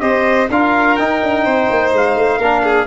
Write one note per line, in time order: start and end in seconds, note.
0.00 0.49 C4
0.00 0.48 G4
0.00 0.50 C5
0.00 0.48 D#5
0.50 0.97 D4
0.50 0.99 F4
0.50 1.44 A#4
0.50 0.96 F5
0.96 1.22 D#4
0.96 2.42 D#4
0.96 1.92 G5
1.23 1.46 D4
1.44 1.70 C4
1.44 2.38 C5
1.71 1.93 A#3
1.93 2.16 G#3
1.93 2.87 F5
2.16 2.39 A3
2.38 2.86 A#3
2.38 2.87 D4
2.38 2.62 A#4
2.64 2.87 G#4